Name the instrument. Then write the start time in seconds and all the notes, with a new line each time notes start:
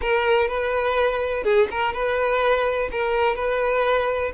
violin
0.01 A#4
0.47 B4
1.43 G#4
1.71 A#4
1.93 B4
2.91 A#4
3.35 B4